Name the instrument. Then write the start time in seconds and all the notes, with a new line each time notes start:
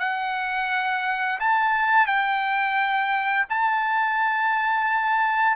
trumpet
0.00 F#5
1.40 A5
2.07 G5
3.50 A5